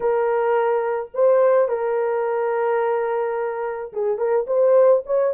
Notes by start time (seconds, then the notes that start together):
0.00 A#4
1.14 C5
1.68 A#4
3.93 G#4
4.18 A#4
4.46 C5
5.05 C#5